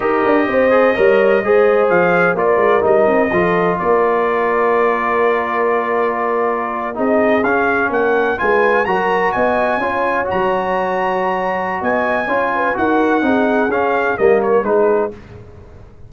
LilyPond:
<<
  \new Staff \with { instrumentName = "trumpet" } { \time 4/4 \tempo 4 = 127 dis''1 | f''4 d''4 dis''2 | d''1~ | d''2~ d''8. dis''4 f''16~ |
f''8. fis''4 gis''4 ais''4 gis''16~ | gis''4.~ gis''16 ais''2~ ais''16~ | ais''4 gis''2 fis''4~ | fis''4 f''4 dis''8 cis''8 b'4 | }
  \new Staff \with { instrumentName = "horn" } { \time 4/4 ais'4 c''4 cis''4 c''4~ | c''4 ais'2 a'4 | ais'1~ | ais'2~ ais'8. gis'4~ gis'16~ |
gis'8. ais'4 b'4 ais'4 dis''16~ | dis''8. cis''2.~ cis''16~ | cis''4 dis''4 cis''8 b'8 ais'4 | gis'2 ais'4 gis'4 | }
  \new Staff \with { instrumentName = "trombone" } { \time 4/4 g'4. gis'8 ais'4 gis'4~ | gis'4 f'4 dis'4 f'4~ | f'1~ | f'2~ f'8. dis'4 cis'16~ |
cis'4.~ cis'16 f'4 fis'4~ fis'16~ | fis'8. f'4 fis'2~ fis'16~ | fis'2 f'4 fis'4 | dis'4 cis'4 ais4 dis'4 | }
  \new Staff \with { instrumentName = "tuba" } { \time 4/4 dis'8 d'8 c'4 g4 gis4 | f4 ais8 gis8 g8 c'8 f4 | ais1~ | ais2~ ais8. c'4 cis'16~ |
cis'8. ais4 gis4 fis4 b16~ | b8. cis'4 fis2~ fis16~ | fis4 b4 cis'4 dis'4 | c'4 cis'4 g4 gis4 | }
>>